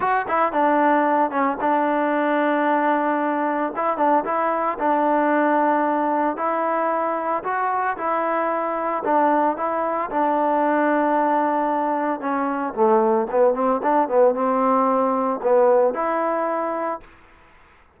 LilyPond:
\new Staff \with { instrumentName = "trombone" } { \time 4/4 \tempo 4 = 113 fis'8 e'8 d'4. cis'8 d'4~ | d'2. e'8 d'8 | e'4 d'2. | e'2 fis'4 e'4~ |
e'4 d'4 e'4 d'4~ | d'2. cis'4 | a4 b8 c'8 d'8 b8 c'4~ | c'4 b4 e'2 | }